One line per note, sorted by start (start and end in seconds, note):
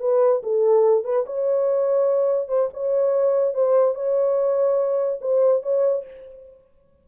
0.00 0.42 B4
0.43 1.04 A4
1.04 1.25 B4
1.26 2.48 C#5
2.48 2.69 C5
2.73 3.54 C#5
3.54 3.95 C5
3.95 5.20 C#5
5.21 5.63 C5
5.63 6.04 C#5